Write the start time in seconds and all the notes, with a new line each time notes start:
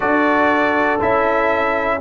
0.00 D4 F#4 A4 D5
1.00 C#4 E4 E5